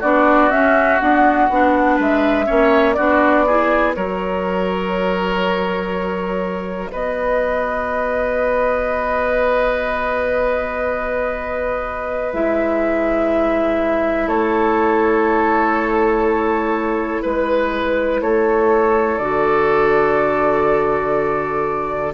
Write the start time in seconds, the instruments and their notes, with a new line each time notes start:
0.00 bassoon B3, clarinet D4, oboe F#4, flute D5
0.50 bassoon C#4, clarinet C#4, flute E5
1.00 clarinet B3, bassoon D4, flute F#5
1.49 bassoon B3, clarinet D4
1.96 bassoon G#3, oboe B4, flute E5
2.46 bassoon A#3, clarinet C#4, oboe C#5
2.94 bassoon B3, clarinet D4, oboe F#4, flute D5
3.47 clarinet E4, oboe G#4
3.94 bassoon F#3, clarinet F#4, oboe A#4, flute C#5
6.91 bassoon B3, oboe B4, flute D#5
12.33 bassoon G#3, clarinet E4, flute E5
14.27 bassoon A3, oboe A4, flute C#5
17.22 bassoon G#3, oboe B4, flute B4
18.21 bassoon A3, oboe A4, flute C#5
19.18 bassoon D3, clarinet F#4, flute D5